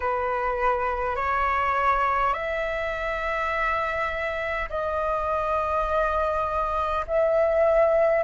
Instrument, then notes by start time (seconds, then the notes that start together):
flute
0.00 B4
1.16 C#5
2.33 E5
4.70 D#5
7.06 E5